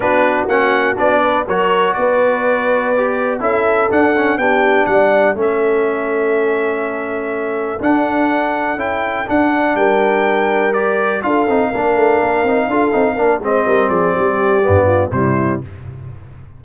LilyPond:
<<
  \new Staff \with { instrumentName = "trumpet" } { \time 4/4 \tempo 4 = 123 b'4 fis''4 d''4 cis''4 | d''2. e''4 | fis''4 g''4 fis''4 e''4~ | e''1 |
fis''2 g''4 fis''4 | g''2 d''4 f''4~ | f''2.~ f''8 dis''8~ | dis''8 d''2~ d''8 c''4 | }
  \new Staff \with { instrumentName = "horn" } { \time 4/4 fis'2~ fis'8 b'8 ais'4 | b'2. a'4~ | a'4 g'4 d''4 a'4~ | a'1~ |
a'1 | ais'2. a'4 | ais'2 a'4 ais'8 c''8 | ais'8 gis'8 g'4. f'8 e'4 | }
  \new Staff \with { instrumentName = "trombone" } { \time 4/4 d'4 cis'4 d'4 fis'4~ | fis'2 g'4 e'4 | d'8 cis'8 d'2 cis'4~ | cis'1 |
d'2 e'4 d'4~ | d'2 g'4 f'8 dis'8 | d'4. dis'8 f'8 dis'8 d'8 c'8~ | c'2 b4 g4 | }
  \new Staff \with { instrumentName = "tuba" } { \time 4/4 b4 ais4 b4 fis4 | b2. cis'4 | d'4 b4 g4 a4~ | a1 |
d'2 cis'4 d'4 | g2. d'8 c'8 | ais8 a8 ais8 c'8 d'8 c'8 ais8 gis8 | g8 f8 g4 g,4 c4 | }
>>